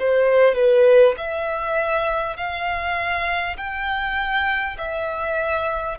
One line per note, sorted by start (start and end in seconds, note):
0.00 0.55 C5
0.55 1.15 B4
1.18 2.37 E5
2.37 3.57 F5
3.58 4.78 G5
4.78 5.98 E5